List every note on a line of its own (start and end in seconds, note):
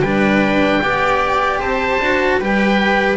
0.00 0.79 G3
0.00 0.81 D4
0.00 0.82 B4
0.00 1.59 G5
0.81 1.60 B3
0.81 2.00 G4
0.81 1.59 D5
1.59 2.00 C4
1.59 2.37 C5
1.59 2.39 A5
2.00 2.38 D4
2.00 2.40 F#4
2.38 3.17 G3
2.38 3.17 G4
2.38 3.17 B4
2.38 3.17 G5